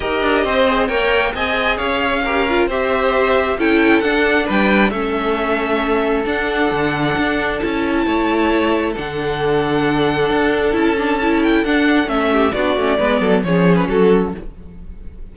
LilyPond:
<<
  \new Staff \with { instrumentName = "violin" } { \time 4/4 \tempo 4 = 134 dis''2 g''4 gis''4 | f''2 e''2 | g''4 fis''4 g''4 e''4~ | e''2 fis''2~ |
fis''4 a''2. | fis''1 | a''4. g''8 fis''4 e''4 | d''2 cis''8. b'16 a'4 | }
  \new Staff \with { instrumentName = "violin" } { \time 4/4 ais'4 c''4 cis''4 dis''4 | cis''4 ais'4 c''2 | a'2 b'4 a'4~ | a'1~ |
a'2 cis''2 | a'1~ | a'2.~ a'8 g'8 | fis'4 b'8 a'8 gis'4 fis'4 | }
  \new Staff \with { instrumentName = "viola" } { \time 4/4 g'4. gis'8 ais'4 gis'4~ | gis'4 g'8 f'8 g'2 | e'4 d'2 cis'4~ | cis'2 d'2~ |
d'4 e'2. | d'1 | e'8 d'8 e'4 d'4 cis'4 | d'8 cis'8 b4 cis'2 | }
  \new Staff \with { instrumentName = "cello" } { \time 4/4 dis'8 d'8 c'4 ais4 c'4 | cis'2 c'2 | cis'4 d'4 g4 a4~ | a2 d'4 d4 |
d'4 cis'4 a2 | d2. d'4 | cis'2 d'4 a4 | b8 a8 gis8 fis8 f4 fis4 | }
>>